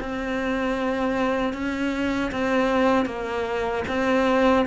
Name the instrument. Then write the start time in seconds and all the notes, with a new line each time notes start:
cello
0.00 C4
1.53 C#4
2.32 C4
3.06 A#3
3.88 C4